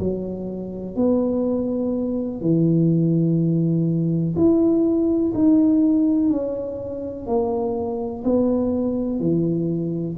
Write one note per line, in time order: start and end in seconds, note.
0.00 0.96 F#3
0.96 2.41 B3
2.41 4.35 E3
4.36 5.33 E4
5.35 6.30 D#4
6.30 7.27 C#4
7.27 8.24 A#3
8.25 9.20 B3
9.20 10.17 E3